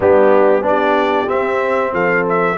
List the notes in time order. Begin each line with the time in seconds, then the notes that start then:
0.00 G3 B3 D4 G4
0.61 B3 D4 D5
0.68 G4
1.26 C4 E5
1.92 F3 A4 F5
2.28 E5